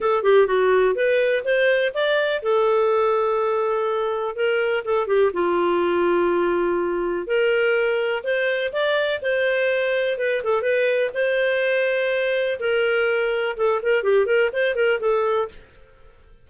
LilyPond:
\new Staff \with { instrumentName = "clarinet" } { \time 4/4 \tempo 4 = 124 a'8 g'8 fis'4 b'4 c''4 | d''4 a'2.~ | a'4 ais'4 a'8 g'8 f'4~ | f'2. ais'4~ |
ais'4 c''4 d''4 c''4~ | c''4 b'8 a'8 b'4 c''4~ | c''2 ais'2 | a'8 ais'8 g'8 ais'8 c''8 ais'8 a'4 | }